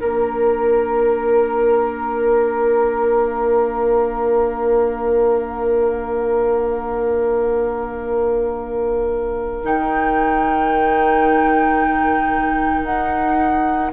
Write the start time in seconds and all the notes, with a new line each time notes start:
0.00 A#3 D4 A#4
3.20 F5
9.64 D#3 D#4 G5
12.84 D#4 F#5